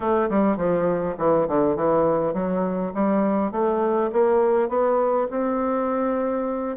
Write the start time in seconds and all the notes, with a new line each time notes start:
0.00 A3
0.29 G3
0.56 F3
1.18 E3
1.48 D3
1.76 E3
2.33 F#3
2.94 G3
3.51 A3
4.12 A#3
4.68 B3
5.30 C4